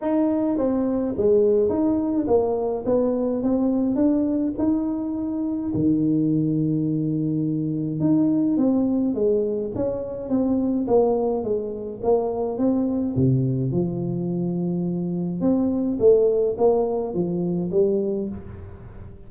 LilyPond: \new Staff \with { instrumentName = "tuba" } { \time 4/4 \tempo 4 = 105 dis'4 c'4 gis4 dis'4 | ais4 b4 c'4 d'4 | dis'2 dis2~ | dis2 dis'4 c'4 |
gis4 cis'4 c'4 ais4 | gis4 ais4 c'4 c4 | f2. c'4 | a4 ais4 f4 g4 | }